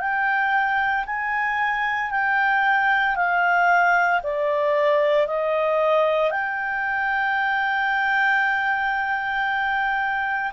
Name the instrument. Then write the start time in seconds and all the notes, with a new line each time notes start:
clarinet
0.00 G5
1.07 G#5
2.11 G5
3.16 F5
4.24 D5
5.28 D#5
6.31 G5